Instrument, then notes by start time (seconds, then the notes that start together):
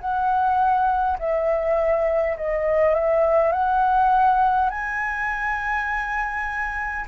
flute
0.00 F#5
1.19 E5
2.36 D#5
2.95 E5
3.52 F#5
4.70 G#5